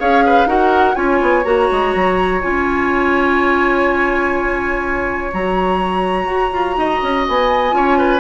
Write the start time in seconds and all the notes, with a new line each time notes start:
0.00 C#4 G#4 C#5 F5
0.26 B4
0.46 D#4 F#4 A#4 F#5
0.95 C#4 F4 C#5 G#5
1.22 B3
1.44 A#3 F#4 A#5
1.72 G#3
1.95 F#3
2.42 C#4 F4 G#5
5.32 F#3 F#4 A#5
6.27 F#4
6.52 F4
6.77 D#4 D#5
7.03 C#4
7.28 B3 G#5
7.72 C#4 F4 C#5
7.99 B4